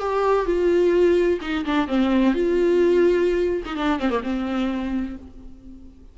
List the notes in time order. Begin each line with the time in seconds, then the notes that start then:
0.00 G4
0.46 F4
1.42 D#4
1.66 D4
1.88 C4
2.34 F4
3.66 D#4
3.77 D4
4.00 C4
4.10 A#3
4.23 C4